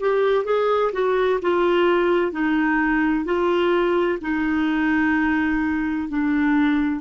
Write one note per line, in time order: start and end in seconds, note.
0.00 0.45 G4
0.45 0.92 G#4
0.93 1.40 F#4
1.42 2.32 F4
2.32 3.25 D#4
3.25 4.18 F4
4.21 6.09 D#4
6.09 7.01 D4